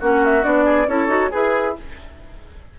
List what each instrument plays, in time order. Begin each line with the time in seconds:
0.00 bassoon A#3, clarinet C#4, oboe F#4, flute F#5
0.25 flute E5
0.43 bassoon B3, clarinet D4, flute D5
0.65 oboe G#4
0.88 bassoon C#4, clarinet E4, oboe A4, flute C#5
1.08 bassoon D#4, clarinet F#4
1.31 bassoon E4, oboe G#4, clarinet G#4, flute B4